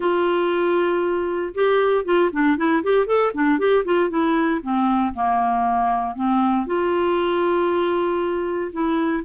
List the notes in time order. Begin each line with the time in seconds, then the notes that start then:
0.00 F4
1.54 G4
2.04 F4
2.32 D4
2.57 E4
2.83 G4
3.06 A4
3.34 D4
3.59 G4
3.85 F4
4.09 E4
4.62 C4
5.14 A#3
6.15 C4
6.66 F4
8.72 E4